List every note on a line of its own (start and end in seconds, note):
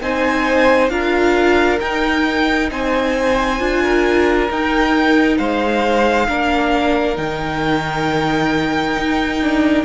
0.00 0.89 C4
0.00 0.90 D#4
0.00 0.91 C5
0.00 0.89 G#5
0.89 1.79 D4
0.89 1.79 F4
0.89 2.70 A#4
0.89 1.79 F5
1.80 3.59 D#4
1.80 2.70 D#4
1.80 2.69 G5
2.70 3.60 C4
2.70 3.83 C5
2.70 4.50 G#5
3.59 4.49 D4
3.59 4.49 F4
3.83 5.37 A#4
4.50 5.38 D#4
4.50 6.28 D#4
4.50 5.37 G5
5.37 6.28 G#3
5.37 6.27 C5
5.37 7.16 F5
6.27 7.17 A#3
6.27 7.15 D4
6.27 9.84 A#4
7.15 8.96 D#3
7.15 9.38 D#4
7.15 9.84 G5
8.96 9.84 D#4
9.42 9.84 D4